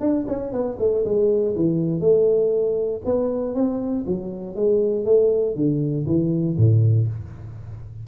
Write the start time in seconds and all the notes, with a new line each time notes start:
0.00 D4
0.28 C#4
0.52 B3
0.79 A3
1.05 G#3
1.55 E3
2.00 A3
3.05 B3
3.54 C4
4.07 F#3
4.55 G#3
5.05 A3
5.55 D3
6.06 E3
6.57 A2